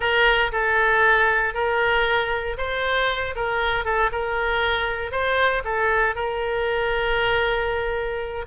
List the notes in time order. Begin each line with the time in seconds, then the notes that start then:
0.00 A#4
0.52 A4
1.54 A#4
2.57 C5
3.35 A#4
3.85 A4
4.12 A#4
5.11 C5
5.64 A4
6.15 A#4